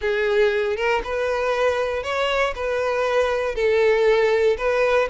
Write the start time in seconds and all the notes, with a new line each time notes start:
0.01 G#4
0.76 A#4
1.04 B4
2.03 C#5
2.55 B4
3.55 A4
4.57 B4